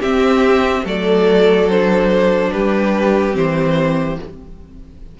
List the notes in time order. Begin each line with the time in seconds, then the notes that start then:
0.00 C4 G4 E5
0.84 F#3 A3 A4 D5
1.69 D4 C5
2.52 G3 G4 B4
3.32 E3 C4 C5